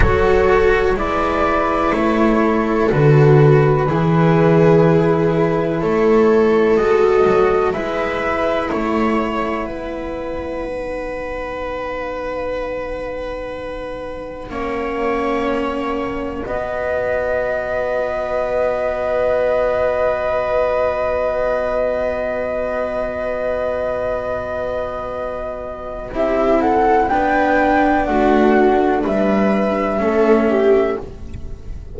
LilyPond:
<<
  \new Staff \with { instrumentName = "flute" } { \time 4/4 \tempo 4 = 62 cis''4 d''4 cis''4 b'4~ | b'2 cis''4 dis''4 | e''4 fis''2.~ | fis''1~ |
fis''4 dis''2.~ | dis''1~ | dis''2. e''8 fis''8 | g''4 fis''4 e''2 | }
  \new Staff \with { instrumentName = "viola" } { \time 4/4 a'4 b'4. a'4. | gis'2 a'2 | b'4 cis''4 b'2~ | b'2. cis''4~ |
cis''4 b'2.~ | b'1~ | b'2. g'8 a'8 | b'4 fis'4 b'4 a'8 g'8 | }
  \new Staff \with { instrumentName = "cello" } { \time 4/4 fis'4 e'2 fis'4 | e'2. fis'4 | e'2. dis'4~ | dis'2. cis'4~ |
cis'4 fis'2.~ | fis'1~ | fis'2. e'4 | d'2. cis'4 | }
  \new Staff \with { instrumentName = "double bass" } { \time 4/4 fis4 gis4 a4 d4 | e2 a4 gis8 fis8 | gis4 a4 b2~ | b2. ais4~ |
ais4 b2.~ | b1~ | b2. c'4 | b4 a4 g4 a4 | }
>>